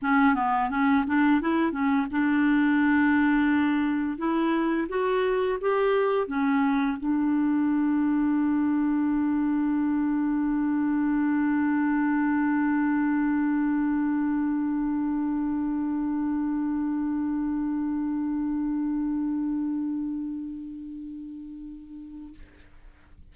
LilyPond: \new Staff \with { instrumentName = "clarinet" } { \time 4/4 \tempo 4 = 86 cis'8 b8 cis'8 d'8 e'8 cis'8 d'4~ | d'2 e'4 fis'4 | g'4 cis'4 d'2~ | d'1~ |
d'1~ | d'1~ | d'1~ | d'1 | }